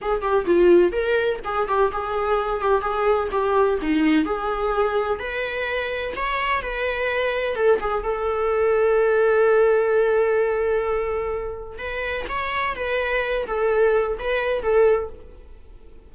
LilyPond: \new Staff \with { instrumentName = "viola" } { \time 4/4 \tempo 4 = 127 gis'8 g'8 f'4 ais'4 gis'8 g'8 | gis'4. g'8 gis'4 g'4 | dis'4 gis'2 b'4~ | b'4 cis''4 b'2 |
a'8 gis'8 a'2.~ | a'1~ | a'4 b'4 cis''4 b'4~ | b'8 a'4. b'4 a'4 | }